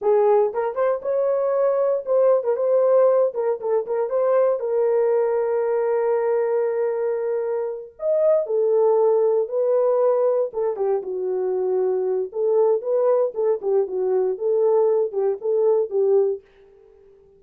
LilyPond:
\new Staff \with { instrumentName = "horn" } { \time 4/4 \tempo 4 = 117 gis'4 ais'8 c''8 cis''2 | c''8. ais'16 c''4. ais'8 a'8 ais'8 | c''4 ais'2.~ | ais'2.~ ais'8 dis''8~ |
dis''8 a'2 b'4.~ | b'8 a'8 g'8 fis'2~ fis'8 | a'4 b'4 a'8 g'8 fis'4 | a'4. g'8 a'4 g'4 | }